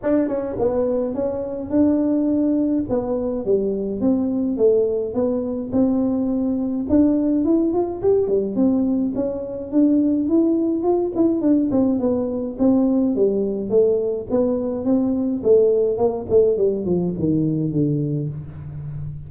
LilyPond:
\new Staff \with { instrumentName = "tuba" } { \time 4/4 \tempo 4 = 105 d'8 cis'8 b4 cis'4 d'4~ | d'4 b4 g4 c'4 | a4 b4 c'2 | d'4 e'8 f'8 g'8 g8 c'4 |
cis'4 d'4 e'4 f'8 e'8 | d'8 c'8 b4 c'4 g4 | a4 b4 c'4 a4 | ais8 a8 g8 f8 dis4 d4 | }